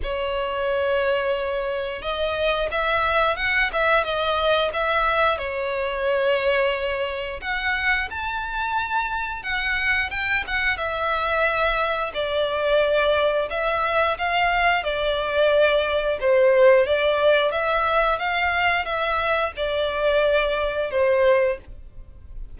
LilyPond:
\new Staff \with { instrumentName = "violin" } { \time 4/4 \tempo 4 = 89 cis''2. dis''4 | e''4 fis''8 e''8 dis''4 e''4 | cis''2. fis''4 | a''2 fis''4 g''8 fis''8 |
e''2 d''2 | e''4 f''4 d''2 | c''4 d''4 e''4 f''4 | e''4 d''2 c''4 | }